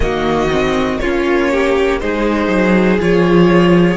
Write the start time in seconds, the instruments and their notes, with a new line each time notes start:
0.00 cello D#3, viola A#3, violin F#4 D#5
0.50 viola C4
0.99 cello A#3, viola C#4, violin F4 C#5
1.51 violin G4
1.99 cello G#3, viola D#4, violin G#4 C5
2.47 cello F#3
2.99 cello F3, viola F4, violin C#5